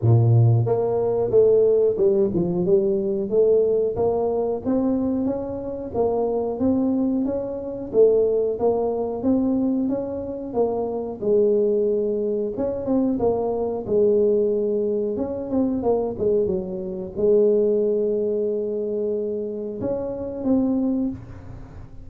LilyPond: \new Staff \with { instrumentName = "tuba" } { \time 4/4 \tempo 4 = 91 ais,4 ais4 a4 g8 f8 | g4 a4 ais4 c'4 | cis'4 ais4 c'4 cis'4 | a4 ais4 c'4 cis'4 |
ais4 gis2 cis'8 c'8 | ais4 gis2 cis'8 c'8 | ais8 gis8 fis4 gis2~ | gis2 cis'4 c'4 | }